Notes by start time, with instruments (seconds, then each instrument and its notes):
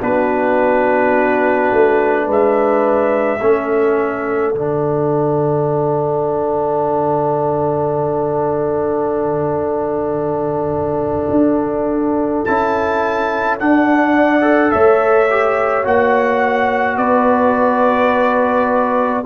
0.00 tuba B3, trombone D4, horn F#4, trumpet B4
1.71 tuba A3
2.25 tuba G#3, horn B4
2.32 trumpet E5
3.39 tuba A3, trombone C#4, horn A4
4.53 tuba D3, trombone D4, trumpet F#5
11.30 tuba D4
12.45 tuba C#4, trombone E4, trumpet A5
13.59 tuba D4, trombone D4, trumpet F#5
14.15 horn D5
14.41 trombone A4
14.71 tuba A3, horn C#5, trumpet E5
15.30 trombone G4
15.84 tuba A#3, trombone F#4, trumpet F#5
16.97 tuba B3, horn B4, trumpet D5